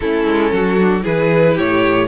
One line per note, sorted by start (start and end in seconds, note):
0.00 0.25 A3
0.00 0.79 C#4
0.00 0.53 E4
0.00 1.03 A4
0.25 0.51 G#3
0.51 1.03 F#3
0.51 1.03 F#4
0.80 1.02 D4
1.02 1.58 E3
1.02 2.06 E4
1.02 1.54 G#4
1.02 1.58 B4
1.54 2.07 A2
1.54 2.06 G4
1.54 2.07 C#5